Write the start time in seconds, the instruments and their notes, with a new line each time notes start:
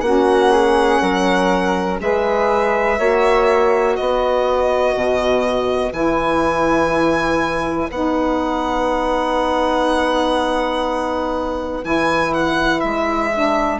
0.00 bassoon A#3, saxophone C#4, flute F#4, violin F#5
0.51 flute G#4
1.01 bassoon F#3, flute A#4
1.99 bassoon G#3, saxophone G#4, flute B4, violin E5
2.98 bassoon A#3, saxophone F#4, flute C#5
3.95 bassoon B3, flute B4, violin D#5
4.95 bassoon B2
5.92 bassoon E3, saxophone E4, violin G#5
7.90 bassoon B3, saxophone D#4, violin F#5
11.82 bassoon E3, saxophone E4, violin G#5
12.33 violin F#5
12.80 bassoon G#3, violin E5
13.34 saxophone D4